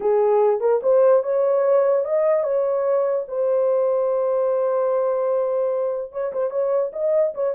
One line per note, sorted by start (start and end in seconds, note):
0.00 0.60 G#4
0.60 0.80 A#4
0.82 1.23 C5
1.23 2.04 C#5
2.05 2.43 D#5
2.43 3.25 C#5
3.27 6.12 C5
6.12 6.32 C#5
6.32 6.50 C5
6.50 6.91 C#5
6.92 7.33 D#5
7.34 7.55 C#5